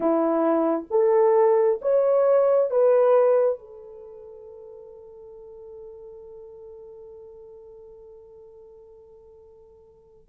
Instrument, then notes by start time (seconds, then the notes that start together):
horn
0.00 E4
0.90 A4
1.82 C#5
2.70 B4
3.58 A4